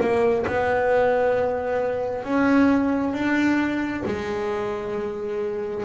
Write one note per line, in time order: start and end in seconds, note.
0.00 0.45 A#3
0.46 2.23 B3
2.23 3.13 C#4
3.13 4.03 D4
4.05 5.84 G#3